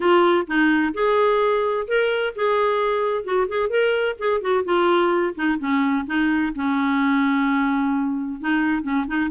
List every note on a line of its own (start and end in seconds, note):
0.00 0.47 F4
0.47 0.93 D#4
0.94 1.87 G#4
1.87 2.34 A#4
2.35 3.24 G#4
3.24 3.47 F#4
3.48 3.69 G#4
3.69 4.16 A#4
4.18 4.41 G#4
4.41 4.64 F#4
4.64 5.34 F4
5.35 5.58 D#4
5.59 6.05 C#4
6.06 6.53 D#4
6.55 8.40 C#4
8.40 8.82 D#4
8.82 9.05 C#4
9.07 9.30 D#4